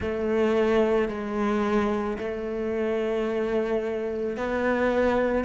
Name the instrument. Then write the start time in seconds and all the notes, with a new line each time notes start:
cello
0.00 A3
1.08 G#3
2.18 A3
4.36 B3